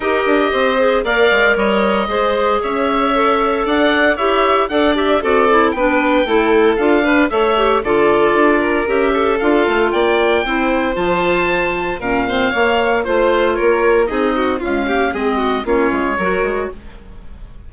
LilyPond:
<<
  \new Staff \with { instrumentName = "oboe" } { \time 4/4 \tempo 4 = 115 dis''2 f''4 dis''4~ | dis''4 e''2 fis''4 | e''4 fis''8 e''8 d''4 g''4~ | g''4 f''4 e''4 d''4~ |
d''4 e''4 f''4 g''4~ | g''4 a''2 f''4~ | f''4 c''4 cis''4 dis''4 | f''4 dis''4 cis''2 | }
  \new Staff \with { instrumentName = "violin" } { \time 4/4 ais'4 c''4 d''4 cis''4 | c''4 cis''2 d''4 | cis''4 d''4 a'4 b'4 | a'4. b'8 cis''4 a'4~ |
a'8 ais'4 a'4. d''4 | c''2. ais'8 c''8 | cis''4 c''4 ais'4 gis'8 fis'8 | f'8 g'8 gis'8 fis'8 f'4 ais'4 | }
  \new Staff \with { instrumentName = "clarinet" } { \time 4/4 g'4. gis'8 ais'2 | gis'2 a'2 | g'4 a'8 g'8 fis'8 e'8 d'4 | e'4 f'8 d'8 a'8 g'8 f'4~ |
f'4 g'4 f'2 | e'4 f'2 cis'8 c'8 | ais4 f'2 dis'4 | gis8 ais8 c'4 cis'4 fis'4 | }
  \new Staff \with { instrumentName = "bassoon" } { \time 4/4 dis'8 d'8 c'4 ais8 gis8 g4 | gis4 cis'2 d'4 | e'4 d'4 c'4 b4 | a4 d'4 a4 d4 |
d'4 cis'4 d'8 a8 ais4 | c'4 f2 ais,4 | ais4 a4 ais4 c'4 | cis'4 gis4 ais8 gis8 fis8 gis8 | }
>>